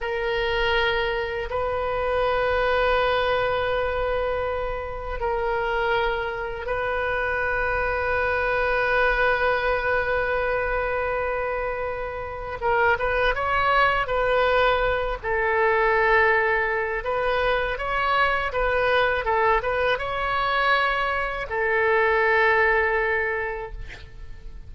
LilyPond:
\new Staff \with { instrumentName = "oboe" } { \time 4/4 \tempo 4 = 81 ais'2 b'2~ | b'2. ais'4~ | ais'4 b'2.~ | b'1~ |
b'4 ais'8 b'8 cis''4 b'4~ | b'8 a'2~ a'8 b'4 | cis''4 b'4 a'8 b'8 cis''4~ | cis''4 a'2. | }